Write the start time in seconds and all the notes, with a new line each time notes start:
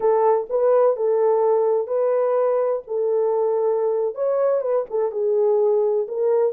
0.00 A4
0.49 B4
0.96 A4
1.87 B4
2.87 A4
4.15 C#5
4.61 B4
4.90 A4
5.11 G#4
6.08 A#4